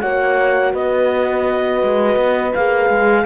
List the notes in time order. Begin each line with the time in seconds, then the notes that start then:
0.00 A#3 F#4 C#5 F#5
0.73 B3 B4 D#5
1.83 G#3
2.16 B3
2.54 A#3 G#4 F5
2.89 G#3